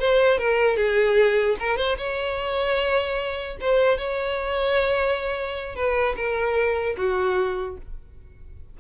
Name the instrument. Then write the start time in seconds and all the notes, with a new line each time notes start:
violin
0.00 C5
0.39 A#4
0.77 G#4
1.60 A#4
1.78 C5
1.98 C#5
3.61 C5
3.98 C#5
5.76 B4
6.17 A#4
6.97 F#4